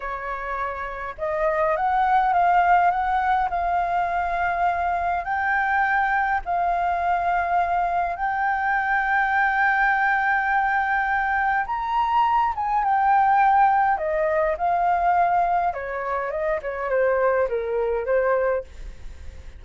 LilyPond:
\new Staff \with { instrumentName = "flute" } { \time 4/4 \tempo 4 = 103 cis''2 dis''4 fis''4 | f''4 fis''4 f''2~ | f''4 g''2 f''4~ | f''2 g''2~ |
g''1 | ais''4. gis''8 g''2 | dis''4 f''2 cis''4 | dis''8 cis''8 c''4 ais'4 c''4 | }